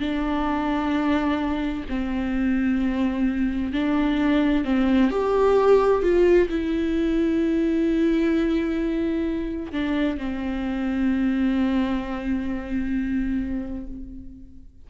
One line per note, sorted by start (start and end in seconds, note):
0.00 1.85 D4
1.89 3.73 C4
3.73 4.65 D4
4.65 5.11 C4
5.11 6.03 G4
6.03 6.49 F4
6.50 9.72 E4
9.72 10.18 D4
10.18 13.88 C4